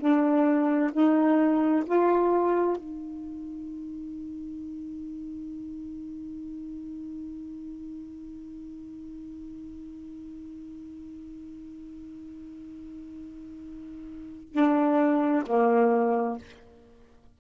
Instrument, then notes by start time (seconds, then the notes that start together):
saxophone
0.00 D4
0.93 D#4
1.86 F4
2.77 D#4
14.52 D4
15.47 A#3